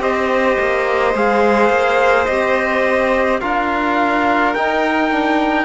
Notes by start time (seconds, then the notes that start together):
0.00 C4 G4 C5 D#5
0.60 A#3
1.14 G#3 G#4 F5
1.70 A#3
2.26 C4 G4 D#5
3.41 D4 F4 A#4 F5
4.54 D#4 G5
5.11 D4